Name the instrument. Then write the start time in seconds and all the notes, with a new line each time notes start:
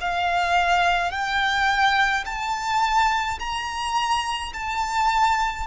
violin
0.00 F5
1.11 G5
2.25 A5
3.39 A#5
4.53 A5